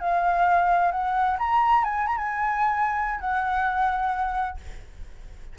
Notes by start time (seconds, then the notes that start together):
0.00 F5
0.92 F#5
1.39 A#5
1.84 G#5
2.07 A#5
2.17 G#5
3.20 F#5